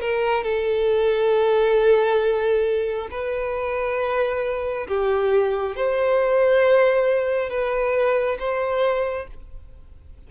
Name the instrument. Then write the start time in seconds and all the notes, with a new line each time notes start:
violin
0.00 A#4
0.43 A4
3.10 B4
4.87 G4
5.76 C5
7.49 B4
8.39 C5